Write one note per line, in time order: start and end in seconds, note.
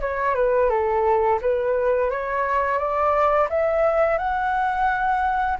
0.00 0.35 C#5
0.35 0.69 B4
0.69 1.39 A4
1.41 2.10 B4
2.10 2.78 C#5
2.78 3.48 D5
3.49 4.18 E5
4.18 5.57 F#5